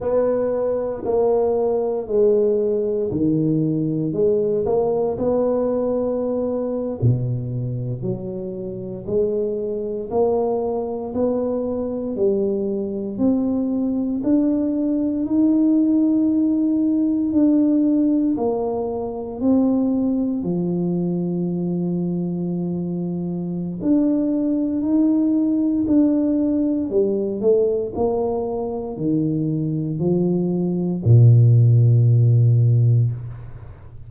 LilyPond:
\new Staff \with { instrumentName = "tuba" } { \time 4/4 \tempo 4 = 58 b4 ais4 gis4 dis4 | gis8 ais8 b4.~ b16 b,4 fis16~ | fis8. gis4 ais4 b4 g16~ | g8. c'4 d'4 dis'4~ dis'16~ |
dis'8. d'4 ais4 c'4 f16~ | f2. d'4 | dis'4 d'4 g8 a8 ais4 | dis4 f4 ais,2 | }